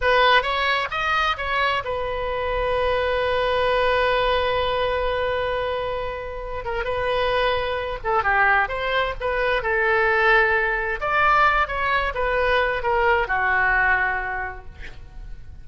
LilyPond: \new Staff \with { instrumentName = "oboe" } { \time 4/4 \tempo 4 = 131 b'4 cis''4 dis''4 cis''4 | b'1~ | b'1~ | b'2~ b'8 ais'8 b'4~ |
b'4. a'8 g'4 c''4 | b'4 a'2. | d''4. cis''4 b'4. | ais'4 fis'2. | }